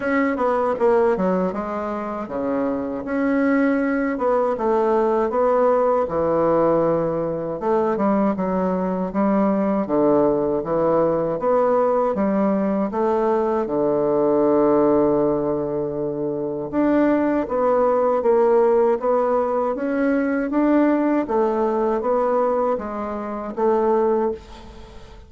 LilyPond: \new Staff \with { instrumentName = "bassoon" } { \time 4/4 \tempo 4 = 79 cis'8 b8 ais8 fis8 gis4 cis4 | cis'4. b8 a4 b4 | e2 a8 g8 fis4 | g4 d4 e4 b4 |
g4 a4 d2~ | d2 d'4 b4 | ais4 b4 cis'4 d'4 | a4 b4 gis4 a4 | }